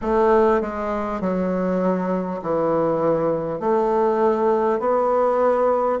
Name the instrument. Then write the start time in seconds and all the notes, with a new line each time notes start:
bassoon
0.01 A3
0.61 G#3
1.20 F#3
2.42 E3
3.60 A3
4.79 B3